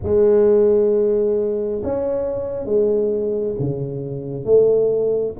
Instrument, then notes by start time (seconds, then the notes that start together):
tuba
0.03 G#3
1.83 C#4
2.65 G#3
3.59 C#3
4.44 A3